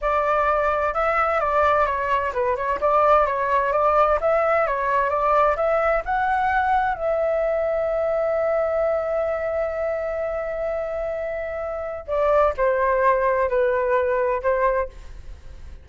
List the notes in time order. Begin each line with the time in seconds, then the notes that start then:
0.01 D5
0.94 E5
1.40 D5
1.85 C#5
2.33 B4
2.56 C#5
2.80 D5
3.26 C#5
3.72 D5
4.20 E5
4.66 C#5
5.09 D5
5.56 E5
6.05 F#5
6.94 E5
12.07 D5
12.57 C5
13.49 B4
14.42 C5